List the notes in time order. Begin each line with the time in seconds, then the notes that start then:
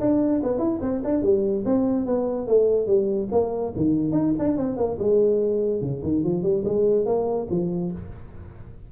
0.00 D4
0.43 B3
0.59 E4
0.81 C4
1.04 D4
1.22 G3
1.65 C4
2.06 B3
2.47 A3
2.87 G3
3.31 A#3
3.76 D#3
4.12 D#4
4.39 D4
4.57 C4
4.77 A#3
4.99 G#3
5.81 C#3
6.03 D#3
6.24 F3
6.43 G3
6.65 G#3
7.06 A#3
7.50 F3